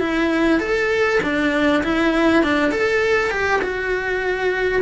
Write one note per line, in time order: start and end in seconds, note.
0.00 0.60 E4
0.60 1.20 A4
1.23 1.83 D4
1.84 2.44 E4
2.44 2.72 D4
2.72 3.31 A4
3.31 3.61 G4
3.62 4.82 F#4